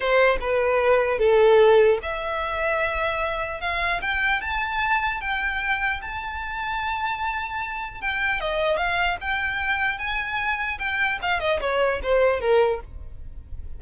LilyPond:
\new Staff \with { instrumentName = "violin" } { \time 4/4 \tempo 4 = 150 c''4 b'2 a'4~ | a'4 e''2.~ | e''4 f''4 g''4 a''4~ | a''4 g''2 a''4~ |
a''1 | g''4 dis''4 f''4 g''4~ | g''4 gis''2 g''4 | f''8 dis''8 cis''4 c''4 ais'4 | }